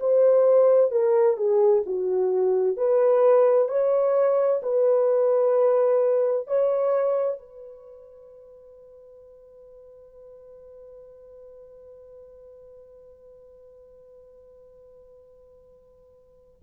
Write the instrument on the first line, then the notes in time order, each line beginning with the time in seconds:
horn
0.00 C5
0.91 A#4
1.37 G#4
1.86 F#4
2.77 B4
3.68 C#5
4.62 B4
6.47 C#5
7.38 B4